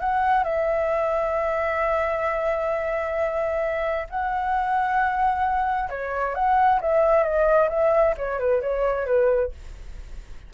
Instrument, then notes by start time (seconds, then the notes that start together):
flute
0.00 F#5
0.44 E5
4.10 F#5
5.90 C#5
6.35 F#5
6.81 E5
7.24 D#5
7.69 E5
8.18 C#5
8.39 B4
8.62 C#5
9.06 B4